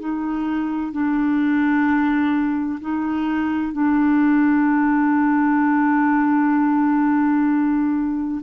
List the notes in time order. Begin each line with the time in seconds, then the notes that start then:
0.00 D#4
0.92 D4
2.81 D#4
3.73 D4